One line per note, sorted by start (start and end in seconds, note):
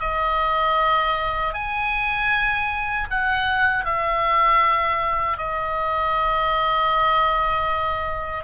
0.00 1.54 D#5
1.54 3.08 G#5
3.10 3.85 F#5
3.85 5.37 E5
5.37 8.44 D#5